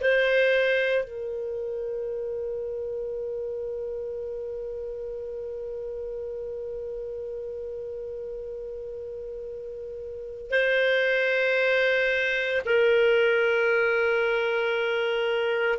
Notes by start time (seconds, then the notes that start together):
0.00 C5
1.04 A#4
10.50 C5
12.66 A#4